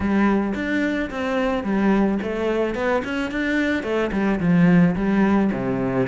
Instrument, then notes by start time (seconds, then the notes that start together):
cello
0.00 G3
0.55 D4
1.10 C4
1.63 G3
2.22 A3
2.74 B3
3.04 C#4
3.31 D4
3.83 A3
4.12 G3
4.40 F3
4.95 G3
5.52 C3